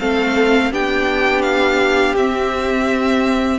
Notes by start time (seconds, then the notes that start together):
0.00 A3 C4 A4 F5
0.72 B3 D4 G4 G5
1.42 F5
2.16 C4 E5